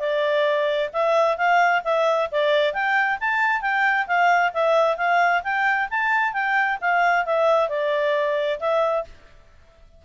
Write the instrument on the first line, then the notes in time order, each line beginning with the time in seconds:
clarinet
0.00 D5
0.94 E5
1.38 F5
1.85 E5
2.32 D5
2.74 G5
3.21 A5
3.62 G5
4.07 F5
4.54 E5
4.98 F5
5.44 G5
5.91 A5
6.34 G5
6.81 F5
7.26 E5
7.70 D5
8.60 E5